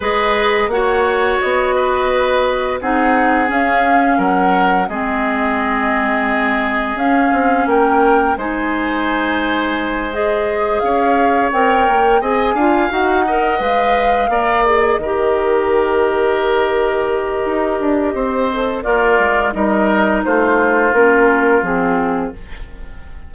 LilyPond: <<
  \new Staff \with { instrumentName = "flute" } { \time 4/4 \tempo 4 = 86 dis''4 fis''4 dis''2 | fis''4 f''4 fis''4 dis''4~ | dis''2 f''4 g''4 | gis''2~ gis''8 dis''4 f''8~ |
f''8 g''4 gis''4 fis''4 f''8~ | f''4 dis''2.~ | dis''2. d''4 | dis''4 c''4 ais'4 gis'4 | }
  \new Staff \with { instrumentName = "oboe" } { \time 4/4 b'4 cis''4. b'4. | gis'2 ais'4 gis'4~ | gis'2. ais'4 | c''2.~ c''8 cis''8~ |
cis''4. dis''8 f''4 dis''4~ | dis''8 d''4 ais'2~ ais'8~ | ais'2 c''4 f'4 | ais'4 f'2. | }
  \new Staff \with { instrumentName = "clarinet" } { \time 4/4 gis'4 fis'2. | dis'4 cis'2 c'4~ | c'2 cis'2 | dis'2~ dis'8 gis'4.~ |
gis'8 ais'4 gis'8 f'8 fis'8 ais'8 b'8~ | b'8 ais'8 gis'8 g'2~ g'8~ | g'2~ g'8 a'8 ais'4 | dis'2 cis'4 c'4 | }
  \new Staff \with { instrumentName = "bassoon" } { \time 4/4 gis4 ais4 b2 | c'4 cis'4 fis4 gis4~ | gis2 cis'8 c'8 ais4 | gis2.~ gis8 cis'8~ |
cis'8 c'8 ais8 c'8 d'8 dis'4 gis8~ | gis8 ais4 dis2~ dis8~ | dis4 dis'8 d'8 c'4 ais8 gis8 | g4 a4 ais4 f4 | }
>>